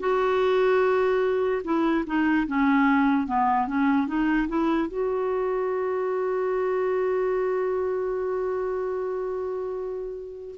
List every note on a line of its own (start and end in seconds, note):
0.00 1.62 F#4
1.64 2.05 E4
2.07 2.47 D#4
2.48 3.27 C#4
3.27 3.67 B3
3.67 4.08 C#4
4.08 4.48 D#4
4.49 4.88 E4
4.88 10.56 F#4